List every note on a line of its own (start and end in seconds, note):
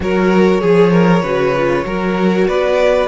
0.00 0.61 F#3
0.00 0.60 F#4
0.00 0.60 A#4
0.00 2.47 C#5
0.60 1.23 F3
0.60 0.91 G#4
0.60 1.22 G#4
0.91 1.22 A#4
1.22 1.85 C#3
1.22 1.55 F#4
1.22 1.84 B4
1.56 1.85 F4
1.85 2.47 F#3
1.85 3.07 F#4
1.85 2.47 A#4
2.47 3.07 B3
2.47 3.07 B4
2.47 3.07 D5